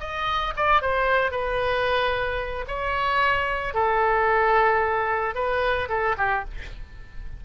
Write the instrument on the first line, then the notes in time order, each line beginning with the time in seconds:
oboe
0.00 D#5
0.56 D5
0.82 C5
1.31 B4
2.68 C#5
3.74 A4
5.34 B4
5.89 A4
6.18 G4